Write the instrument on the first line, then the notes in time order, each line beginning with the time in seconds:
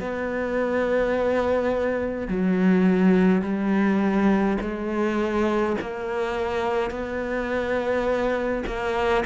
cello
0.00 B3
2.28 F#3
3.42 G3
4.61 G#3
5.81 A#3
6.91 B3
8.67 A#3